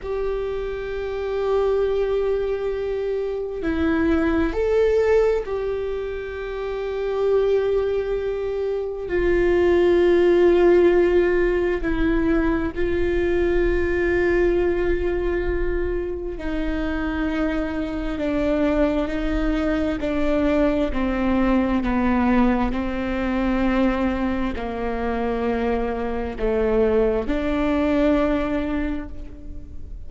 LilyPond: \new Staff \with { instrumentName = "viola" } { \time 4/4 \tempo 4 = 66 g'1 | e'4 a'4 g'2~ | g'2 f'2~ | f'4 e'4 f'2~ |
f'2 dis'2 | d'4 dis'4 d'4 c'4 | b4 c'2 ais4~ | ais4 a4 d'2 | }